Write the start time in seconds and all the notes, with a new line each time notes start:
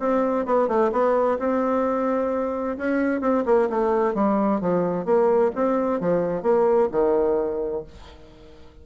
0.00 C4
0.46 B3
0.68 A3
0.93 B3
1.39 C4
2.78 C#4
3.21 C4
3.46 A#3
3.70 A3
4.15 G3
4.61 F3
5.06 A#3
5.56 C4
6.01 F3
6.43 A#3
6.92 D#3